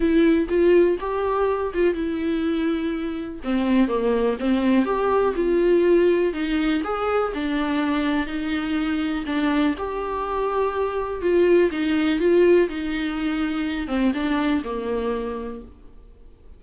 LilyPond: \new Staff \with { instrumentName = "viola" } { \time 4/4 \tempo 4 = 123 e'4 f'4 g'4. f'8 | e'2. c'4 | ais4 c'4 g'4 f'4~ | f'4 dis'4 gis'4 d'4~ |
d'4 dis'2 d'4 | g'2. f'4 | dis'4 f'4 dis'2~ | dis'8 c'8 d'4 ais2 | }